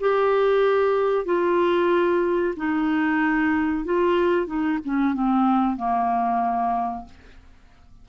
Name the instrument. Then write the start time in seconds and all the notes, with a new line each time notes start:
clarinet
0.00 G4
1.25 F4
2.57 D#4
3.85 F4
4.46 D#4
4.85 C#4
5.13 C4
5.76 A#3